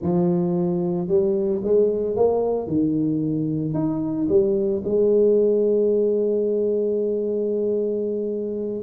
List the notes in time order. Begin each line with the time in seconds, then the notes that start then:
0.01 F3
1.07 G3
1.63 G#3
2.16 A#3
2.67 D#3
3.74 D#4
4.29 G3
4.84 G#3